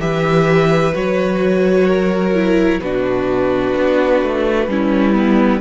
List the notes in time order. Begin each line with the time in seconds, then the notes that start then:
0.00 E3 G4 B4 E5
0.94 F#3 F#4 C#5
1.87 A#4
2.35 E4
2.80 B2 D4 F#4 B4
3.76 B3
4.23 A3
4.68 G3 C#4 E4
5.14 B3